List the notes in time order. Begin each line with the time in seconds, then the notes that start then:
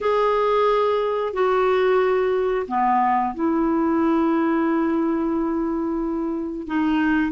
0.00 G#4
1.33 F#4
2.67 B3
3.34 E4
6.67 D#4